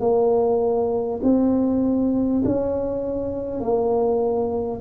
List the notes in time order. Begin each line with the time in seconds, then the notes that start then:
0.00 A#3
1.22 C4
2.44 C#4
3.60 A#3